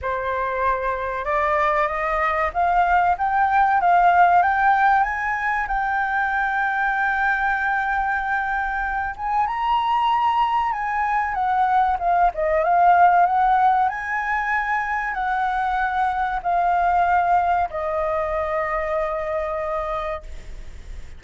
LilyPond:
\new Staff \with { instrumentName = "flute" } { \time 4/4 \tempo 4 = 95 c''2 d''4 dis''4 | f''4 g''4 f''4 g''4 | gis''4 g''2.~ | g''2~ g''8 gis''8 ais''4~ |
ais''4 gis''4 fis''4 f''8 dis''8 | f''4 fis''4 gis''2 | fis''2 f''2 | dis''1 | }